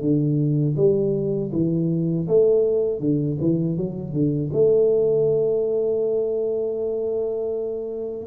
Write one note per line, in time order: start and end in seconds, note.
0.00 0.75 D3
0.76 1.51 G3
1.52 2.27 E3
2.27 2.99 A3
2.99 3.37 D3
3.40 3.77 E3
3.77 4.13 F#3
4.13 4.50 D3
4.52 8.26 A3